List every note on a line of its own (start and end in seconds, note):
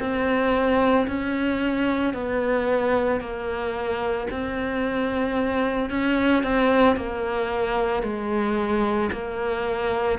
0.00 1.07 C4
1.08 2.14 C#4
2.14 3.20 B3
3.20 4.28 A#3
4.31 5.90 C4
5.90 6.43 C#4
6.43 6.97 C4
6.97 8.03 A#3
8.03 9.10 G#3
9.12 10.19 A#3